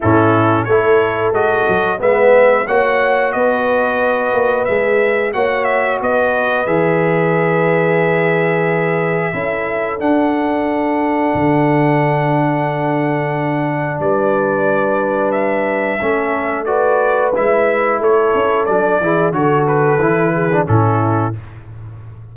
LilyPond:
<<
  \new Staff \with { instrumentName = "trumpet" } { \time 4/4 \tempo 4 = 90 a'4 cis''4 dis''4 e''4 | fis''4 dis''2 e''4 | fis''8 e''8 dis''4 e''2~ | e''2. fis''4~ |
fis''1~ | fis''4 d''2 e''4~ | e''4 d''4 e''4 cis''4 | d''4 cis''8 b'4. a'4 | }
  \new Staff \with { instrumentName = "horn" } { \time 4/4 e'4 a'2 b'4 | cis''4 b'2. | cis''4 b'2.~ | b'2 a'2~ |
a'1~ | a'4 b'2. | a'4 b'2 a'4~ | a'8 gis'8 a'4. gis'8 e'4 | }
  \new Staff \with { instrumentName = "trombone" } { \time 4/4 cis'4 e'4 fis'4 b4 | fis'2. gis'4 | fis'2 gis'2~ | gis'2 e'4 d'4~ |
d'1~ | d'1 | cis'4 fis'4 e'2 | d'8 e'8 fis'4 e'8. d'16 cis'4 | }
  \new Staff \with { instrumentName = "tuba" } { \time 4/4 a,4 a4 gis8 fis8 gis4 | ais4 b4. ais8 gis4 | ais4 b4 e2~ | e2 cis'4 d'4~ |
d'4 d2.~ | d4 g2. | a2 gis4 a8 cis'8 | fis8 e8 d4 e4 a,4 | }
>>